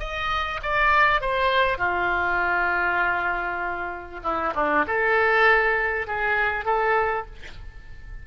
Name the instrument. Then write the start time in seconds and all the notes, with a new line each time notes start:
oboe
0.00 D#5
0.63 D5
1.21 C5
1.78 F4
4.24 E4
4.55 D4
4.87 A4
6.08 G#4
6.66 A4